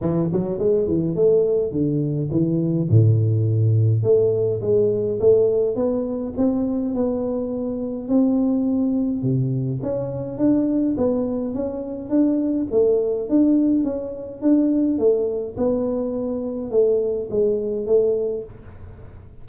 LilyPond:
\new Staff \with { instrumentName = "tuba" } { \time 4/4 \tempo 4 = 104 e8 fis8 gis8 e8 a4 d4 | e4 a,2 a4 | gis4 a4 b4 c'4 | b2 c'2 |
c4 cis'4 d'4 b4 | cis'4 d'4 a4 d'4 | cis'4 d'4 a4 b4~ | b4 a4 gis4 a4 | }